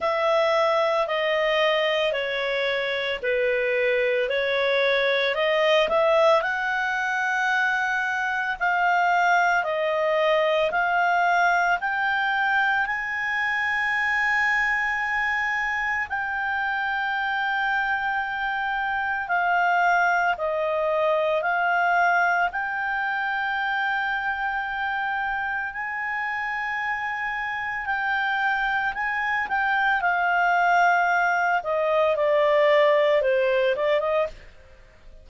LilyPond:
\new Staff \with { instrumentName = "clarinet" } { \time 4/4 \tempo 4 = 56 e''4 dis''4 cis''4 b'4 | cis''4 dis''8 e''8 fis''2 | f''4 dis''4 f''4 g''4 | gis''2. g''4~ |
g''2 f''4 dis''4 | f''4 g''2. | gis''2 g''4 gis''8 g''8 | f''4. dis''8 d''4 c''8 d''16 dis''16 | }